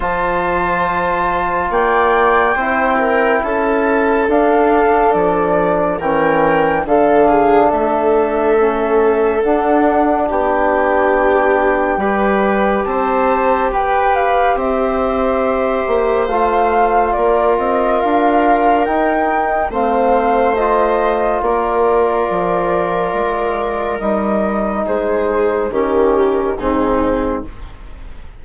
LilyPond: <<
  \new Staff \with { instrumentName = "flute" } { \time 4/4 \tempo 4 = 70 a''2 g''2 | a''4 f''4 d''4 g''4 | f''4 e''2 fis''4 | g''2. a''4 |
g''8 f''8 e''2 f''4 | d''8 dis''8 f''4 g''4 f''4 | dis''4 d''2. | dis''4 c''4 ais'4 gis'4 | }
  \new Staff \with { instrumentName = "viola" } { \time 4/4 c''2 d''4 c''8 ais'8 | a'2. ais'4 | a'8 gis'8 a'2. | g'2 b'4 c''4 |
b'4 c''2. | ais'2. c''4~ | c''4 ais'2.~ | ais'4 gis'4 g'4 dis'4 | }
  \new Staff \with { instrumentName = "trombone" } { \time 4/4 f'2. e'4~ | e'4 d'2 cis'4 | d'2 cis'4 d'4~ | d'2 g'2~ |
g'2. f'4~ | f'2 dis'4 c'4 | f'1 | dis'2 cis'4 c'4 | }
  \new Staff \with { instrumentName = "bassoon" } { \time 4/4 f2 ais4 c'4 | cis'4 d'4 f4 e4 | d4 a2 d'4 | b2 g4 c'4 |
g'4 c'4. ais8 a4 | ais8 c'8 d'4 dis'4 a4~ | a4 ais4 f4 gis4 | g4 gis4 dis4 gis,4 | }
>>